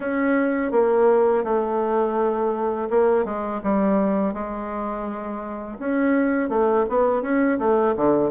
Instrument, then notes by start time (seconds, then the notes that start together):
bassoon
0.00 C#4
0.71 A#3
1.44 A3
2.90 A#3
3.24 G#3
3.63 G3
4.33 G#3
5.79 C#4
6.49 A3
6.89 B3
7.22 C#4
7.58 A3
7.96 D3